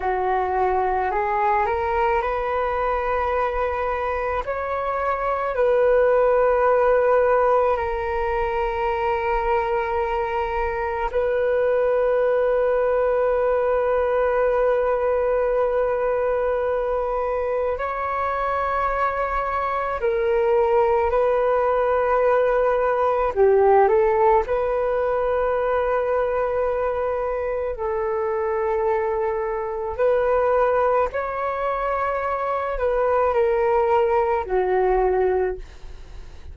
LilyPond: \new Staff \with { instrumentName = "flute" } { \time 4/4 \tempo 4 = 54 fis'4 gis'8 ais'8 b'2 | cis''4 b'2 ais'4~ | ais'2 b'2~ | b'1 |
cis''2 ais'4 b'4~ | b'4 g'8 a'8 b'2~ | b'4 a'2 b'4 | cis''4. b'8 ais'4 fis'4 | }